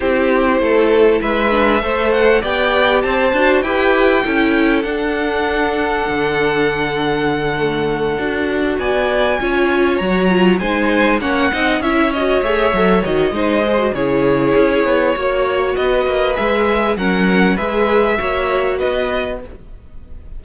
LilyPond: <<
  \new Staff \with { instrumentName = "violin" } { \time 4/4 \tempo 4 = 99 c''2 e''4. fis''8 | g''4 a''4 g''2 | fis''1~ | fis''2~ fis''8 gis''4.~ |
gis''8 ais''4 gis''4 fis''4 e''8 | dis''8 e''4 dis''4. cis''4~ | cis''2 dis''4 e''4 | fis''4 e''2 dis''4 | }
  \new Staff \with { instrumentName = "violin" } { \time 4/4 g'4 a'4 b'4 c''4 | d''4 c''4 b'4 a'4~ | a'1~ | a'2~ a'8 d''4 cis''8~ |
cis''4. c''4 cis''8 dis''8 cis''8~ | cis''2 c''4 gis'4~ | gis'4 cis''4 b'2 | ais'4 b'4 cis''4 b'4 | }
  \new Staff \with { instrumentName = "viola" } { \time 4/4 e'2~ e'8 d'8 a'4 | g'4. fis'8 g'4 e'4 | d'1~ | d'8 a4 fis'2 f'8~ |
f'8 fis'8 f'8 dis'4 cis'8 dis'8 e'8 | fis'8 gis'8 a'8 fis'8 dis'8 gis'16 fis'16 e'4~ | e'4 fis'2 gis'4 | cis'4 gis'4 fis'2 | }
  \new Staff \with { instrumentName = "cello" } { \time 4/4 c'4 a4 gis4 a4 | b4 c'8 d'8 e'4 cis'4 | d'2 d2~ | d4. d'4 b4 cis'8~ |
cis'8 fis4 gis4 ais8 c'8 cis'8~ | cis'8 a8 fis8 dis8 gis4 cis4 | cis'8 b8 ais4 b8 ais8 gis4 | fis4 gis4 ais4 b4 | }
>>